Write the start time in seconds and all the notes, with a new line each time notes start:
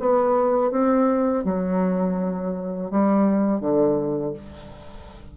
0.00 B3
0.71 C4
1.44 F#3
2.91 G3
3.61 D3